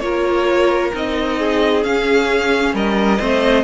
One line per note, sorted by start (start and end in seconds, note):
0.00 0.92 A#3
0.00 0.93 F4
0.00 1.38 A#4
0.00 0.91 C#5
0.94 1.85 C4
0.94 1.83 D#4
0.94 1.84 D#5
1.38 2.75 G#4
1.83 3.18 C#4
1.83 2.73 C#4
1.83 2.75 F5
2.73 3.19 G3
2.73 3.19 A#4
2.73 3.64 D#5
3.18 3.64 A3
3.18 3.64 C4
3.18 3.64 C5